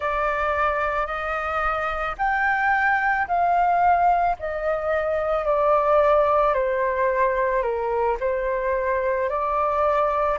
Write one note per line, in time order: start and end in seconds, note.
0.00 1.06 D5
1.06 2.15 D#5
2.18 3.27 G5
3.27 4.36 F5
4.39 5.45 D#5
5.45 6.54 D5
6.54 7.62 C5
7.62 8.17 A#4
8.20 9.29 C5
9.29 10.38 D5